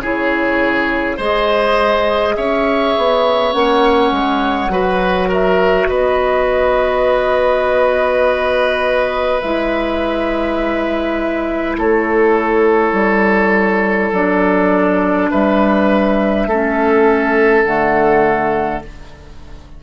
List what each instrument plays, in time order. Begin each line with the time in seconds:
0.00 bassoon C#3, clarinet E4, oboe G#4, flute C#5
1.17 bassoon G#3, clarinet G#4, oboe C5, flute D#5
2.36 bassoon C#4, oboe C#5, flute E5
2.98 bassoon B3
3.53 bassoon A#3, clarinet C#4, flute F#5
4.12 bassoon G#3
4.69 bassoon F#3, clarinet F#4, oboe B4
5.29 oboe A#4, flute E5
5.89 bassoon B3, oboe B4, flute D#5
9.41 bassoon G#3, clarinet E4, flute E5
11.78 bassoon A3, oboe A4, flute C#5
12.93 bassoon G3
14.12 bassoon F#3, clarinet D4, flute D5
15.31 bassoon G3, oboe B4, flute E5
16.47 bassoon A3, clarinet C#4, oboe A4
17.64 bassoon D3, clarinet A3, flute F#5